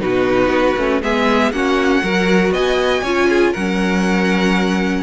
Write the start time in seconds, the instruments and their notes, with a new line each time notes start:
0.00 cello B2, viola D#4, violin F#4 B4
0.48 cello B3
0.77 cello A3, viola C#4
1.02 cello G#3, viola B3, violin G#4 E5
1.51 cello A#3, viola C#4, violin F#4 F#5
2.03 cello F#3, viola F#4, violin A#4
2.51 cello B3, violin D#5 G#5
3.02 cello C#4, viola F4, violin C#5
3.29 violin G#4
3.52 cello F#3, viola C#4, violin A#4 F#5